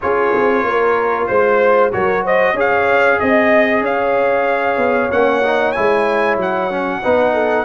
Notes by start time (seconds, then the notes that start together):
0.01 C#4 F4 G#4 C#5
0.35 C4
0.63 A#3 A#4
1.26 G#3 C5
1.92 F#3 F#4 A#4 C#5
2.24 C5 D#5
2.53 C#4 G#4 C#5
2.59 F5
3.19 C4 D#5
3.81 C#4 C#5 F5
4.77 B3
5.11 A#3 C#4 F#5
5.43 D#4
5.71 G#3 E4 G#5
6.37 F#3 F#5
6.70 C#4
7.01 B3 D#4 B4
7.33 A4